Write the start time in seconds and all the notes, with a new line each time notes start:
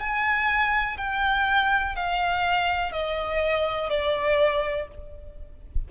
0.00 G#5
0.97 G5
1.96 F5
2.92 D#5
3.89 D5